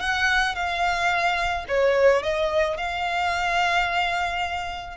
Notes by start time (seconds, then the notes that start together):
0.00 F#5
0.55 F5
1.68 C#5
2.23 D#5
2.77 F5